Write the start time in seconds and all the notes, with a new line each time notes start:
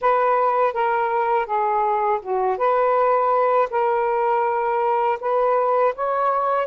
0.01 B4
0.73 A#4
1.46 G#4
2.22 F#4
2.57 B4
3.70 A#4
5.20 B4
5.95 C#5